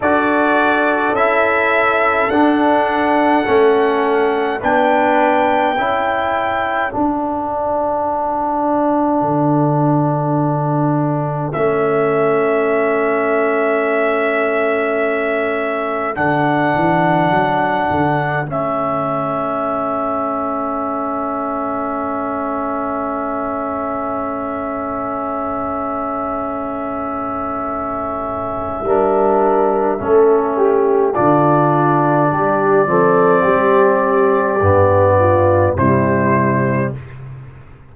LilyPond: <<
  \new Staff \with { instrumentName = "trumpet" } { \time 4/4 \tempo 4 = 52 d''4 e''4 fis''2 | g''2 fis''2~ | fis''2 e''2~ | e''2 fis''2 |
e''1~ | e''1~ | e''2. d''4~ | d''2. c''4 | }
  \new Staff \with { instrumentName = "horn" } { \time 4/4 a'1 | b'4 a'2.~ | a'1~ | a'1~ |
a'1~ | a'1~ | a'4 ais'4 a'8 g'8 f'4 | g'8 a'8 g'4. f'8 e'4 | }
  \new Staff \with { instrumentName = "trombone" } { \time 4/4 fis'4 e'4 d'4 cis'4 | d'4 e'4 d'2~ | d'2 cis'2~ | cis'2 d'2 |
cis'1~ | cis'1~ | cis'4 d'4 cis'4 d'4~ | d'8 c'4. b4 g4 | }
  \new Staff \with { instrumentName = "tuba" } { \time 4/4 d'4 cis'4 d'4 a4 | b4 cis'4 d'2 | d2 a2~ | a2 d8 e8 fis8 d8 |
a1~ | a1~ | a4 g4 a4 d4 | g8 f8 g4 g,4 c4 | }
>>